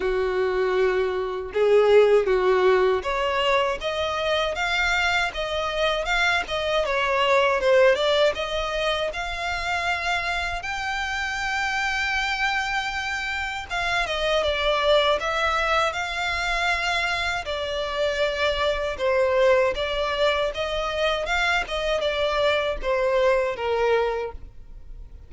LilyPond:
\new Staff \with { instrumentName = "violin" } { \time 4/4 \tempo 4 = 79 fis'2 gis'4 fis'4 | cis''4 dis''4 f''4 dis''4 | f''8 dis''8 cis''4 c''8 d''8 dis''4 | f''2 g''2~ |
g''2 f''8 dis''8 d''4 | e''4 f''2 d''4~ | d''4 c''4 d''4 dis''4 | f''8 dis''8 d''4 c''4 ais'4 | }